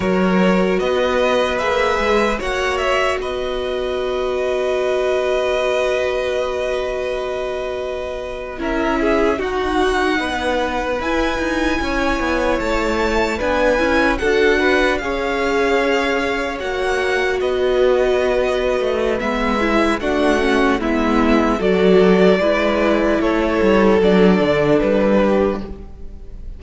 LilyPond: <<
  \new Staff \with { instrumentName = "violin" } { \time 4/4 \tempo 4 = 75 cis''4 dis''4 e''4 fis''8 e''8 | dis''1~ | dis''2~ dis''8. e''4 fis''16~ | fis''4.~ fis''16 gis''2 a''16~ |
a''8. gis''4 fis''4 f''4~ f''16~ | f''8. fis''4 dis''2~ dis''16 | e''4 fis''4 e''4 d''4~ | d''4 cis''4 d''4 b'4 | }
  \new Staff \with { instrumentName = "violin" } { \time 4/4 ais'4 b'2 cis''4 | b'1~ | b'2~ b'8. ais'8 gis'8 fis'16~ | fis'8. b'2 cis''4~ cis''16~ |
cis''8. b'4 a'8 b'8 cis''4~ cis''16~ | cis''4.~ cis''16 b'2~ b'16~ | b'4 fis'4 e'4 a'4 | b'4 a'2~ a'8 g'8 | }
  \new Staff \with { instrumentName = "viola" } { \time 4/4 fis'2 gis'4 fis'4~ | fis'1~ | fis'2~ fis'8. e'4 dis'16~ | dis'4.~ dis'16 e'2~ e'16~ |
e'8. d'8 e'8 fis'4 gis'4~ gis'16~ | gis'8. fis'2.~ fis'16 | b8 e'8 d'8 cis'8 b4 fis'4 | e'2 d'2 | }
  \new Staff \with { instrumentName = "cello" } { \time 4/4 fis4 b4 ais8 gis8 ais4 | b1~ | b2~ b8. cis'4 dis'16~ | dis'8. b4 e'8 dis'8 cis'8 b8 a16~ |
a8. b8 cis'8 d'4 cis'4~ cis'16~ | cis'8. ais4 b4.~ b16 a8 | gis4 a4 gis4 fis4 | gis4 a8 g8 fis8 d8 g4 | }
>>